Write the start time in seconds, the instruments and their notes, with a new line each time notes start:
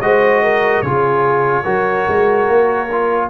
0.00 tuba G#3, trombone F#4, horn C5, trumpet D#5
0.43 horn A#4
0.82 tuba C#3, trombone F4, horn G#4, trumpet C#5
1.63 tuba F#3, trombone F#4, horn A#4
2.08 tuba G#3
2.48 tuba A#3
2.92 trombone F4